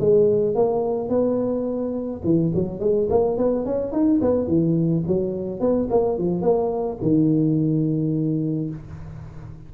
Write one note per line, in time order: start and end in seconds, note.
0.00 0.55 G#3
0.55 1.10 A#3
1.10 2.22 B3
2.25 2.53 E3
2.55 2.80 F#3
2.80 3.08 G#3
3.10 3.38 A#3
3.38 3.66 B3
3.66 3.93 C#4
3.93 4.21 D#4
4.22 4.48 B3
4.48 5.04 E3
5.08 5.60 F#3
5.60 5.89 B3
5.91 6.19 A#3
6.19 6.42 F3
6.42 6.98 A#3
7.02 8.70 D#3